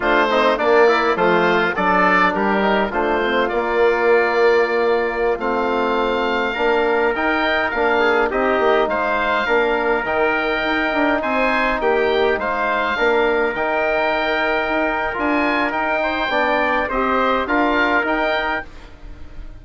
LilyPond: <<
  \new Staff \with { instrumentName = "oboe" } { \time 4/4 \tempo 4 = 103 c''4 d''4 c''4 d''4 | ais'4 c''4 d''2~ | d''4~ d''16 f''2~ f''8.~ | f''16 g''4 f''4 dis''4 f''8.~ |
f''4~ f''16 g''2 gis''8.~ | gis''16 g''4 f''2 g''8.~ | g''2 gis''4 g''4~ | g''4 dis''4 f''4 g''4 | }
  \new Staff \with { instrumentName = "trumpet" } { \time 4/4 f'8 dis'8 d'8 e'8 f'4 a'4 | g'4 f'2.~ | f'2.~ f'16 ais'8.~ | ais'4.~ ais'16 gis'8 g'4 c''8.~ |
c''16 ais'2. c''8.~ | c''16 g'4 c''4 ais'4.~ ais'16~ | ais'2.~ ais'8 c''8 | d''4 c''4 ais'2 | }
  \new Staff \with { instrumentName = "trombone" } { \time 4/4 d'8 c'8 ais4 a4 d'4~ | d'8 dis'8 d'8 c'8 ais2~ | ais4~ ais16 c'2 d'8.~ | d'16 dis'4 d'4 dis'4.~ dis'16~ |
dis'16 d'4 dis'2~ dis'8.~ | dis'2~ dis'16 d'4 dis'8.~ | dis'2 f'4 dis'4 | d'4 g'4 f'4 dis'4 | }
  \new Staff \with { instrumentName = "bassoon" } { \time 4/4 a4 ais4 f4 fis4 | g4 a4 ais2~ | ais4~ ais16 a2 ais8.~ | ais16 dis'4 ais4 c'8 ais8 gis8.~ |
gis16 ais4 dis4 dis'8 d'8 c'8.~ | c'16 ais4 gis4 ais4 dis8.~ | dis4~ dis16 dis'8. d'4 dis'4 | b4 c'4 d'4 dis'4 | }
>>